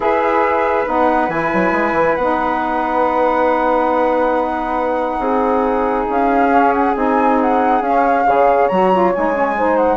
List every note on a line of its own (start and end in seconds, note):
0.00 0.84 E4
0.00 0.85 G#4
0.00 5.20 B4
0.00 0.88 E5
0.85 1.28 B3
0.85 1.29 D#4
0.85 1.30 F#5
1.28 1.50 E3
1.28 2.18 E4
1.28 2.15 G#5
1.53 1.72 F#3
1.72 1.92 G#3
1.92 2.13 E3
2.15 5.18 B3
2.15 6.49 D#4
2.15 6.06 F#5
5.18 6.05 C4
5.18 8.25 G#4
6.08 6.95 C#4
6.08 6.72 F5
6.49 6.92 C#4
6.72 6.94 F#5
6.95 7.80 C4
6.95 7.82 D#4
6.95 7.40 G#5
7.40 7.82 F#5
7.80 8.24 C#4
7.80 8.26 C#4
7.80 8.68 F5
8.26 8.69 C#3
8.26 8.70 G#4
8.26 9.57 C#5
8.68 9.14 F#3
8.68 8.92 F#4
8.68 9.11 A#5
8.92 9.14 F4
9.14 9.96 G#3
9.14 9.32 D#4
9.14 9.76 G#5
9.32 9.54 C#4
9.57 9.96 D#4
9.57 9.96 C5
9.76 9.96 F#5